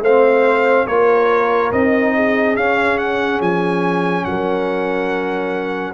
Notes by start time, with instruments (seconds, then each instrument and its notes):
0.00 tuba A3, trombone C4, horn C5, trumpet F5
0.86 tuba A#3, trombone F4, horn A#4, trumpet C#5
1.71 tuba C4, trombone D#4, trumpet D#5
2.15 horn G#4
2.56 tuba C#4, trombone C#4, trumpet F5
2.98 trumpet F#5
3.40 tuba F3, trumpet G#5
4.24 tuba F#3, horn A#4, trumpet F#5